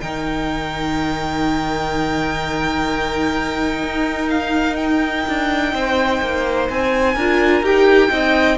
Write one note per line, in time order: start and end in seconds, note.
0.00 3.83 D#3
0.00 7.16 D#4
0.00 5.74 A#4
0.00 4.29 G5
3.83 5.26 D#4
4.29 4.76 F5
4.76 6.66 G5
5.27 5.73 D4
5.73 6.20 C4
5.73 7.14 C5
6.21 6.69 A#3
6.69 7.15 C4
6.69 7.64 G#5
7.14 7.62 D4
7.14 7.63 F4
7.14 8.10 A#4
7.62 8.09 D#4
7.62 8.09 G4
7.62 8.58 G5
8.09 8.58 C4
8.09 8.57 D#4
8.09 8.58 D#5